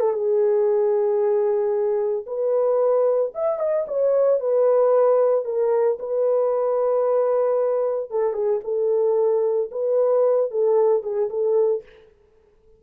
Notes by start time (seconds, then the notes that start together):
0.00 A4
0.13 G#4
2.26 B4
3.35 E5
3.59 D#5
3.88 C#5
4.40 B4
5.45 A#4
5.99 B4
8.10 A4
8.33 G#4
8.64 A4
9.71 B4
10.51 A4
11.03 G#4
11.30 A4